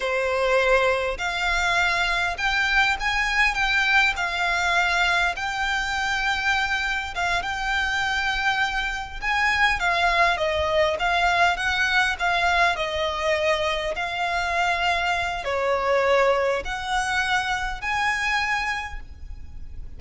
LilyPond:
\new Staff \with { instrumentName = "violin" } { \time 4/4 \tempo 4 = 101 c''2 f''2 | g''4 gis''4 g''4 f''4~ | f''4 g''2. | f''8 g''2. gis''8~ |
gis''8 f''4 dis''4 f''4 fis''8~ | fis''8 f''4 dis''2 f''8~ | f''2 cis''2 | fis''2 gis''2 | }